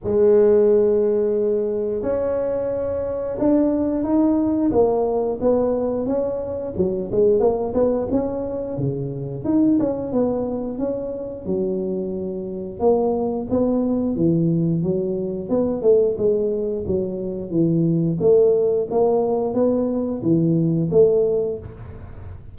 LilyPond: \new Staff \with { instrumentName = "tuba" } { \time 4/4 \tempo 4 = 89 gis2. cis'4~ | cis'4 d'4 dis'4 ais4 | b4 cis'4 fis8 gis8 ais8 b8 | cis'4 cis4 dis'8 cis'8 b4 |
cis'4 fis2 ais4 | b4 e4 fis4 b8 a8 | gis4 fis4 e4 a4 | ais4 b4 e4 a4 | }